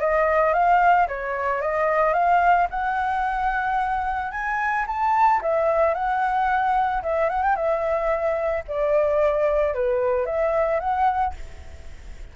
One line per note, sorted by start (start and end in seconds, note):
0.00 0.53 D#5
0.53 1.07 F5
1.08 1.61 C#5
1.61 2.13 D#5
2.13 2.67 F5
2.70 4.31 F#5
4.31 4.85 G#5
4.86 5.41 A5
5.42 5.94 E5
5.94 7.02 F#5
7.02 7.29 E5
7.29 7.43 F#5
7.43 7.55 G5
7.55 8.63 E5
8.67 9.74 D5
9.74 10.26 B4
10.26 10.79 E5
10.79 11.33 F#5